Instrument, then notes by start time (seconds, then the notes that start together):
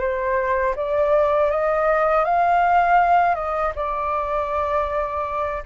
flute
0.00 C5
0.76 D5
1.51 D#5
2.25 F5
3.35 D#5
3.76 D5